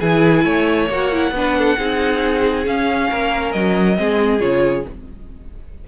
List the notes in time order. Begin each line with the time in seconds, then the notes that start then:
0.00 E3 E4 G#4 G#5
0.44 A3 C#5
0.89 A#3 F#4 F#5
1.12 E4
1.31 B3 D4
1.38 B4
1.58 A4
1.78 C4 D#4 G#4
2.65 C#4 F5
3.10 A#3 A#4
3.52 F#3 D#5
3.96 G#3 C4 G#4
4.40 C#3 F4 C#5